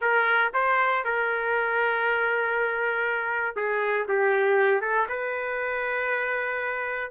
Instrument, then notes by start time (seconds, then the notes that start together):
trumpet
0.01 A#4
0.53 C5
1.04 A#4
3.56 G#4
4.08 G4
4.81 A4
5.08 B4